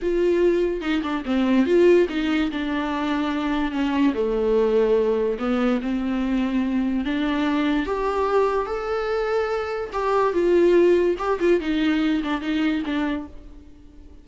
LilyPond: \new Staff \with { instrumentName = "viola" } { \time 4/4 \tempo 4 = 145 f'2 dis'8 d'8 c'4 | f'4 dis'4 d'2~ | d'4 cis'4 a2~ | a4 b4 c'2~ |
c'4 d'2 g'4~ | g'4 a'2. | g'4 f'2 g'8 f'8 | dis'4. d'8 dis'4 d'4 | }